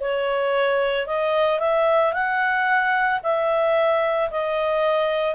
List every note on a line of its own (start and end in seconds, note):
0.00 1.07 C#5
1.07 1.59 D#5
1.59 2.13 E5
2.13 3.20 F#5
3.23 4.30 E5
4.31 5.35 D#5